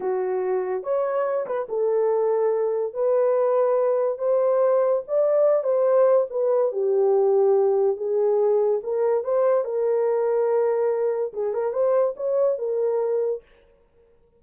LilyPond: \new Staff \with { instrumentName = "horn" } { \time 4/4 \tempo 4 = 143 fis'2 cis''4. b'8 | a'2. b'4~ | b'2 c''2 | d''4. c''4. b'4 |
g'2. gis'4~ | gis'4 ais'4 c''4 ais'4~ | ais'2. gis'8 ais'8 | c''4 cis''4 ais'2 | }